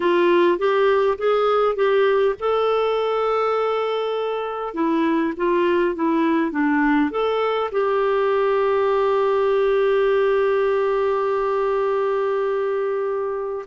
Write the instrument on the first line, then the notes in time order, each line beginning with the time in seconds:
clarinet
0.00 F4
0.58 G4
1.18 G#4
1.75 G4
2.39 A4
4.74 E4
5.36 F4
5.95 E4
6.51 D4
7.10 A4
7.71 G4